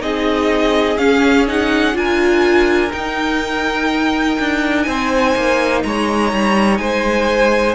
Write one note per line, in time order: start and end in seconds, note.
0.00 0.97 C4
0.00 0.97 D#4
0.00 1.96 G#4
0.00 0.97 D#5
0.97 1.94 C#4
0.97 1.47 C#4
0.97 1.46 F5
1.47 1.93 D#4
1.47 1.97 F#5
1.93 2.91 D4
1.93 2.89 F4
1.93 4.86 A#4
1.93 2.92 G#5
2.91 7.75 D#4
2.91 4.38 D#4
2.91 4.82 G5
4.39 4.86 D4
4.82 5.35 C4
4.82 5.83 C5
4.82 5.79 G#5
5.35 5.84 A#3
5.83 6.32 G#3
5.83 6.80 C#5
5.83 6.77 A#5
6.32 6.79 G3
6.77 7.75 G#3
6.77 7.75 C5
6.77 7.74 G#5